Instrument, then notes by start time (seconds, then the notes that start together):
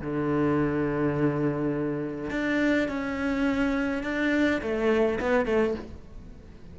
cello
0.00 D3
2.30 D4
2.88 C#4
4.03 D4
4.61 A3
5.19 B3
5.45 A3